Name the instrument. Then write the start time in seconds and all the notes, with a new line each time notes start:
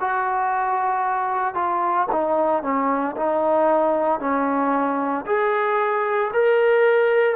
trombone
0.00 F#4
1.55 F4
2.12 D#4
2.63 C#4
3.16 D#4
4.20 C#4
5.26 G#4
6.33 A#4